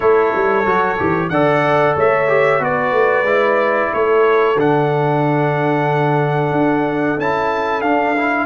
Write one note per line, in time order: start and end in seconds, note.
0.00 0.33 A3
0.00 0.64 E4
0.00 1.28 A4
0.00 1.29 C#5
0.34 0.65 G3
0.65 0.98 F#3
0.65 0.97 F#4
0.98 1.29 E3
0.98 1.31 G4
1.29 1.95 D3
1.29 2.28 A4
1.29 1.96 D5
1.29 1.94 F#5
1.96 2.59 A3
1.96 2.61 C#5
1.96 2.64 E5
2.28 2.60 G4
2.59 2.91 B3
2.59 3.25 F#4
2.59 3.92 B4
2.59 3.93 D5
2.91 3.22 A3
3.22 3.87 G#3
3.22 4.56 E4
3.93 4.56 A3
3.93 8.46 A4
3.93 4.59 C#5
4.56 6.51 D3
4.56 7.19 D4
4.56 7.20 F#5
6.51 7.16 D4
7.18 7.82 C#4
7.18 7.82 E4
7.18 7.81 A5
7.81 8.15 D4
7.81 8.46 D4
7.81 8.46 F5
8.16 8.46 E4